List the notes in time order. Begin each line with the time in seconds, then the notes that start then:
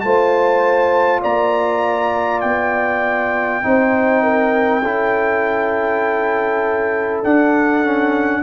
0.00 A3 F4 C5 A5
1.21 A#3 D5 A#5
2.40 B3 G5
3.62 C4 D#4 C5
4.23 A#4
4.82 C#4 E4 A4
7.24 D4 F#5
7.84 C#4